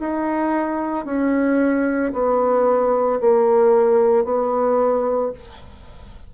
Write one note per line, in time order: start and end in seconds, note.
0.00 1.05 D#4
1.05 2.12 C#4
2.13 3.20 B3
3.20 4.25 A#3
4.25 5.32 B3